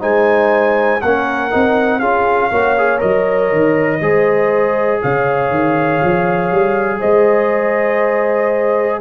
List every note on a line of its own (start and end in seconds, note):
0.00 1.02 G#3
0.00 1.00 D#4
0.00 1.01 C5
0.00 1.01 G#5
1.01 1.53 A#3
1.01 1.51 C#4
1.01 2.00 A#4
1.01 2.00 F#5
1.51 2.01 C4
1.51 2.01 D#4
2.00 2.51 C#4
2.00 2.51 F4
2.00 2.50 G#4
2.00 3.00 F5
2.51 3.01 A#3
2.51 2.77 F#4
2.51 4.01 C#5
2.78 2.98 G#4
2.98 3.52 F#3
2.98 3.98 A#4
2.98 5.01 D#5
3.52 4.00 D#3
4.00 5.00 G#3
4.00 9.00 G#4
4.00 5.01 C5
5.02 5.50 C#3
5.02 6.99 C#5
5.02 7.01 F5
5.50 6.00 D#3
6.03 6.51 F3
6.51 7.01 G3
6.99 9.00 G#3
6.99 8.99 C5
6.99 9.00 D#5